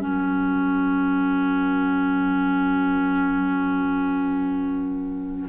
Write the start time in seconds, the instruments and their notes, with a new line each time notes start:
0.00 cello F#3, clarinet C#4, trumpet A#4 F#5